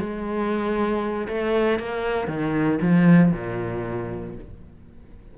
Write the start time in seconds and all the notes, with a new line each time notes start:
0.00 G#3
1.29 A3
1.80 A#3
2.28 D#3
2.82 F3
3.33 A#2